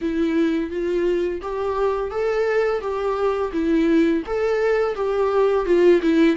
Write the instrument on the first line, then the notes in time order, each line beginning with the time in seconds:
viola
0.01 E4
0.70 F4
1.41 G4
2.10 A4
2.81 G4
3.52 E4
4.26 A4
4.95 G4
5.65 F4
6.02 E4